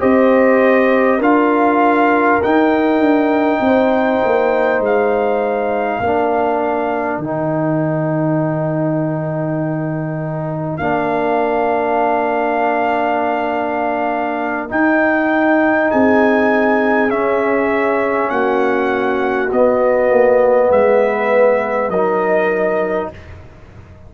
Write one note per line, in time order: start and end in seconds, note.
0.00 1.19 C4
0.00 1.20 G4
0.00 1.18 C5
0.00 1.21 D#5
1.18 2.39 D4
1.18 2.41 F4
1.18 3.58 A#4
1.18 2.43 F5
2.43 6.03 D#4
2.43 2.99 D#4
2.43 4.83 G5
2.99 3.59 D4
3.60 4.21 C4
3.60 6.02 C5
4.25 4.79 A#3
4.79 6.00 G#3
4.79 7.21 F5
6.00 7.18 A#3
6.00 7.24 D4
6.00 15.91 A#4
7.18 10.78 D#3
7.18 10.80 D#4
7.18 10.77 G5
10.77 14.70 A#3
10.77 14.69 D4
10.77 14.67 F5
14.69 17.09 D#4
14.69 15.91 D#4
14.69 15.91 G5
15.91 17.10 C4
15.91 18.31 G#4
15.91 17.10 G#5
17.09 19.49 C#4
17.09 18.30 C#4
17.09 18.30 E5
18.30 19.51 A#3
18.30 20.70 F#4
18.30 19.50 F#5
19.52 20.10 B3
19.52 21.93 B3
19.52 20.71 D#5
20.10 20.70 A#3
20.70 21.89 G#3
20.70 21.90 B4
20.70 21.90 E5
21.89 23.09 F#3
21.89 23.14 D#4
21.89 23.10 A#4
21.89 23.10 D#5